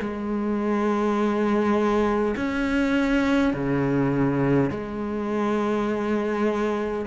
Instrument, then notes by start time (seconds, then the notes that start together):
cello
0.00 G#3
2.36 C#4
3.53 C#3
4.70 G#3